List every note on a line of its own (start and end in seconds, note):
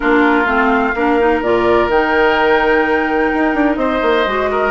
0.00 0.45 A#3
0.00 0.45 D4
0.00 0.95 F4
0.00 0.46 A#4
0.45 0.92 A3
0.45 0.93 C4
0.45 1.40 F5
0.95 1.42 A#3
0.95 1.19 D4
0.95 3.79 A#4
1.19 1.43 D#4
1.42 1.88 A#2
1.42 1.90 F4
1.42 1.89 D5
1.88 3.30 D#3
1.88 4.27 D#4
1.88 3.76 G5
3.34 3.54 D#4
3.54 3.76 D4
3.76 4.00 C4
3.76 4.49 C5
3.76 4.70 D#5
4.02 4.25 A#3
4.26 4.71 G#3
4.26 4.71 F#4
4.51 4.71 A#4